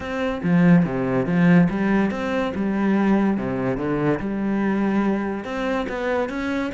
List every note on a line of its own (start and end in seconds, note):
0.00 0.41 C4
0.43 0.85 F3
0.85 1.26 C3
1.26 1.68 F3
1.69 2.10 G3
2.10 2.52 C4
2.55 3.37 G3
3.37 3.77 C3
3.77 4.19 D3
4.19 5.44 G3
5.44 5.86 C4
5.88 6.29 B3
6.29 6.71 C#4